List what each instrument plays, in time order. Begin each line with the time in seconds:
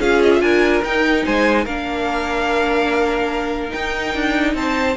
0.00 cello C#4, viola F4, violin G#4 F5
0.22 violin D#5
0.34 violin E5
0.41 cello D4, violin A#4 G#5
0.84 cello D#4, viola D#4, violin G5
1.25 cello G#3, violin C5 G#5
1.64 cello A#3, viola D4, violin A#4 F5
3.70 viola D#4, cello D#4, violin G5
4.15 cello D4
4.55 cello C4, violin C5 A5